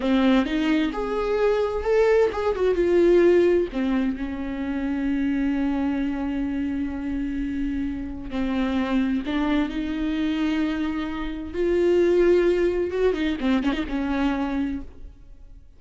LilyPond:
\new Staff \with { instrumentName = "viola" } { \time 4/4 \tempo 4 = 130 c'4 dis'4 gis'2 | a'4 gis'8 fis'8 f'2 | c'4 cis'2.~ | cis'1~ |
cis'2 c'2 | d'4 dis'2.~ | dis'4 f'2. | fis'8 dis'8 c'8 cis'16 dis'16 cis'2 | }